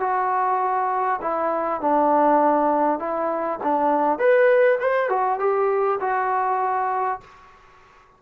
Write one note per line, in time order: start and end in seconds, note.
0.00 1.20 F#4
1.22 1.81 E4
1.81 2.99 D4
2.99 3.59 E4
3.63 4.19 D4
4.19 4.79 B4
4.80 5.09 C5
5.09 5.39 F#4
5.39 5.99 G4
6.00 7.20 F#4